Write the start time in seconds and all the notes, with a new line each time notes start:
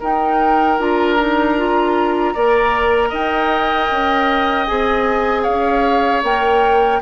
0.00 D#4 A#4 G5
0.79 D4 F4 A#5
1.19 D#4
1.57 F4
2.34 A#3 A#4 D5
3.09 D#4 D#5 G5
3.91 C#4
4.66 C4 G#4 G#5
5.43 C#4 C#5 F5
6.23 A#3 A#4 G5